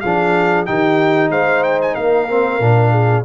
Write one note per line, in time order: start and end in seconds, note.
0.00 0.68 F3
0.00 0.66 D4
0.00 0.66 G#4
0.00 0.65 F5
0.66 1.29 D#3
0.66 2.28 D#4
0.66 1.30 G4
0.66 1.30 G5
1.29 1.94 G#3
1.29 1.94 C5
1.29 1.63 F5
1.63 1.79 G5
1.81 1.94 G#5
1.94 2.59 A#3
1.94 2.91 A#4
1.94 3.23 F5
2.29 2.60 C4
2.59 3.24 A#2
2.59 3.24 D4
2.91 3.23 G#4